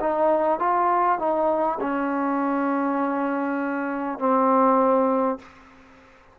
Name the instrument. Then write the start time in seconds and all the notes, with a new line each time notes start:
trombone
0.00 D#4
0.59 F4
1.18 D#4
1.81 C#4
4.19 C4